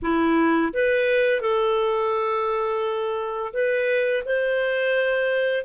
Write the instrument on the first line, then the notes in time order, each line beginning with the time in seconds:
clarinet
0.02 E4
0.73 B4
1.41 A4
3.53 B4
4.25 C5